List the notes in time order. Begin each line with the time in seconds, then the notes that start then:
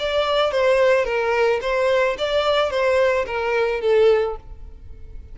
0.00 D5
0.52 C5
1.05 A#4
1.62 C5
2.19 D5
2.71 C5
3.27 A#4
3.82 A4